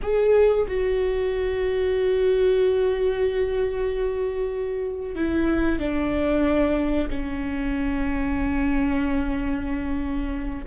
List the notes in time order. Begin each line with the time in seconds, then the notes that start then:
0.02 G#4
0.67 F#4
5.15 E4
5.79 D4
7.10 C#4